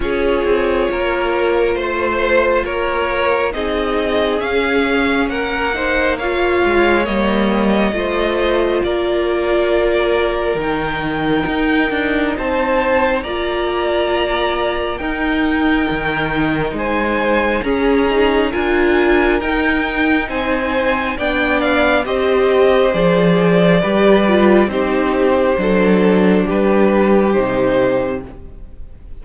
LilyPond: <<
  \new Staff \with { instrumentName = "violin" } { \time 4/4 \tempo 4 = 68 cis''2 c''4 cis''4 | dis''4 f''4 fis''4 f''4 | dis''2 d''2 | g''2 a''4 ais''4~ |
ais''4 g''2 gis''4 | ais''4 gis''4 g''4 gis''4 | g''8 f''8 dis''4 d''2 | c''2 b'4 c''4 | }
  \new Staff \with { instrumentName = "violin" } { \time 4/4 gis'4 ais'4 c''4 ais'4 | gis'2 ais'8 c''8 cis''4~ | cis''4 c''4 ais'2~ | ais'2 c''4 d''4~ |
d''4 ais'2 c''4 | gis'4 ais'2 c''4 | d''4 c''2 b'4 | g'4 a'4 g'2 | }
  \new Staff \with { instrumentName = "viola" } { \time 4/4 f'1 | dis'4 cis'4. dis'8 f'4 | ais4 f'2. | dis'2. f'4~ |
f'4 dis'2. | cis'8 dis'8 f'4 dis'2 | d'4 g'4 gis'4 g'8 f'8 | dis'4 d'2 dis'4 | }
  \new Staff \with { instrumentName = "cello" } { \time 4/4 cis'8 c'8 ais4 a4 ais4 | c'4 cis'4 ais4. gis8 | g4 a4 ais2 | dis4 dis'8 d'8 c'4 ais4~ |
ais4 dis'4 dis4 gis4 | cis'4 d'4 dis'4 c'4 | b4 c'4 f4 g4 | c'4 fis4 g4 c4 | }
>>